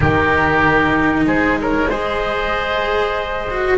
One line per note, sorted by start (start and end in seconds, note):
0.00 1.26 D#3
0.00 1.86 D#4
0.00 1.24 G4
0.00 1.26 A#4
1.26 3.77 G#3
1.26 1.59 G#4
1.26 1.59 C5
1.61 1.89 A#4
1.61 1.90 C#5
1.89 3.49 G#4
1.89 3.77 C5
1.89 3.77 D#5
3.50 3.77 F#4